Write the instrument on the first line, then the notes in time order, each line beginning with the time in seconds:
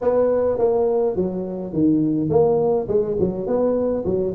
tuba
0.01 B3
0.58 A#3
1.16 F#3
1.73 D#3
2.29 A#3
2.88 G#3
3.19 F#3
3.46 B3
4.05 F#3